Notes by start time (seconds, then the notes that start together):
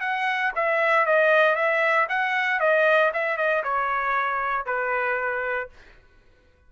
0.00 F#5
0.55 E5
1.06 D#5
1.55 E5
2.09 F#5
2.60 D#5
3.13 E5
3.37 D#5
3.63 C#5
4.66 B4